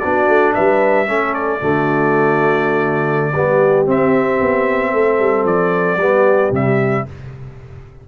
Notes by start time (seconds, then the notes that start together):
0.00 B3 D4 F#4 D5
0.29 A3
0.54 G3 B4 E5
1.07 A3 C#4 A4
1.34 D5
1.61 D3 A3 F#4
3.33 G3 B3 G4
3.86 C4 E5
4.41 B3
4.92 A3 A4
5.20 G3
5.45 F3 D5
5.97 G3 B3 G4
6.52 C3 G3 E5